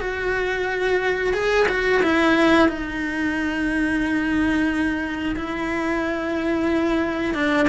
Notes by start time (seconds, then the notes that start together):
0.00 F#4
1.33 G#4
1.68 F#4
2.03 E4
2.69 D#4
5.36 E4
7.34 D4